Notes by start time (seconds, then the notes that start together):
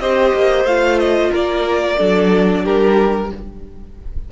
0.00 C4 G4 C5 D#5
0.34 A#3
0.65 A3 F4 F5
0.99 D#5
1.31 A#3 A#4 D5
1.97 F#3 D4 A4
2.63 G3 G4 A#4